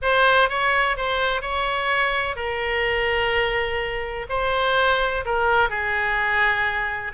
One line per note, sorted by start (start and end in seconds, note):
0.02 0.49 C5
0.49 0.96 C#5
0.96 1.41 C5
1.41 2.36 C#5
2.36 4.26 A#4
4.29 5.24 C5
5.25 5.69 A#4
5.69 7.12 G#4